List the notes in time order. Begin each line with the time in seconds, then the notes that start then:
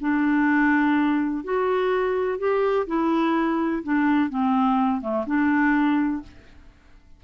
0.00 D4
1.44 F#4
2.38 G4
2.87 E4
3.83 D4
4.29 C4
5.01 A3
5.26 D4